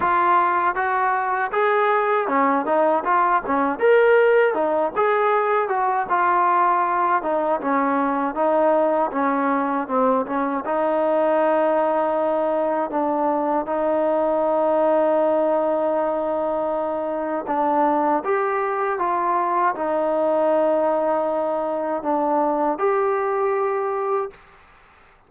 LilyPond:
\new Staff \with { instrumentName = "trombone" } { \time 4/4 \tempo 4 = 79 f'4 fis'4 gis'4 cis'8 dis'8 | f'8 cis'8 ais'4 dis'8 gis'4 fis'8 | f'4. dis'8 cis'4 dis'4 | cis'4 c'8 cis'8 dis'2~ |
dis'4 d'4 dis'2~ | dis'2. d'4 | g'4 f'4 dis'2~ | dis'4 d'4 g'2 | }